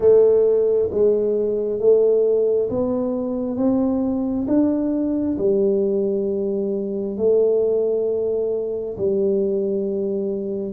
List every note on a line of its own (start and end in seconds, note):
0.00 0.89 A3
0.90 1.79 G#3
1.79 2.69 A3
2.69 3.56 B3
3.56 4.46 C4
4.47 5.37 D4
5.37 7.16 G3
7.17 8.96 A3
8.97 10.73 G3